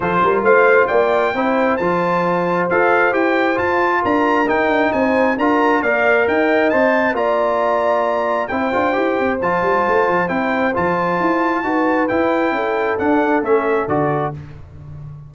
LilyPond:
<<
  \new Staff \with { instrumentName = "trumpet" } { \time 4/4 \tempo 4 = 134 c''4 f''4 g''2 | a''2 f''4 g''4 | a''4 ais''4 g''4 gis''4 | ais''4 f''4 g''4 a''4 |
ais''2. g''4~ | g''4 a''2 g''4 | a''2. g''4~ | g''4 fis''4 e''4 d''4 | }
  \new Staff \with { instrumentName = "horn" } { \time 4/4 a'8 ais'8 c''4 d''4 c''4~ | c''1~ | c''4 ais'2 c''4 | ais'4 d''4 dis''2 |
d''2. c''4~ | c''1~ | c''2 b'2 | a'1 | }
  \new Staff \with { instrumentName = "trombone" } { \time 4/4 f'2. e'4 | f'2 a'4 g'4 | f'2 dis'2 | f'4 ais'2 c''4 |
f'2. e'8 f'8 | g'4 f'2 e'4 | f'2 fis'4 e'4~ | e'4 d'4 cis'4 fis'4 | }
  \new Staff \with { instrumentName = "tuba" } { \time 4/4 f8 g8 a4 ais4 c'4 | f2 f'4 e'4 | f'4 d'4 dis'8 d'8 c'4 | d'4 ais4 dis'4 c'4 |
ais2. c'8 d'8 | e'8 c'8 f8 g8 a8 f8 c'4 | f4 e'4 dis'4 e'4 | cis'4 d'4 a4 d4 | }
>>